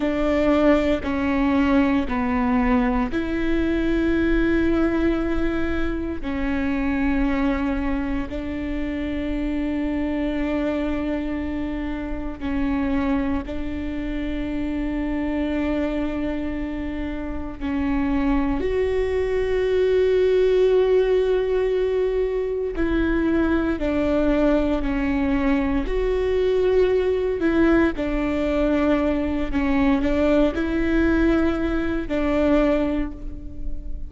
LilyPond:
\new Staff \with { instrumentName = "viola" } { \time 4/4 \tempo 4 = 58 d'4 cis'4 b4 e'4~ | e'2 cis'2 | d'1 | cis'4 d'2.~ |
d'4 cis'4 fis'2~ | fis'2 e'4 d'4 | cis'4 fis'4. e'8 d'4~ | d'8 cis'8 d'8 e'4. d'4 | }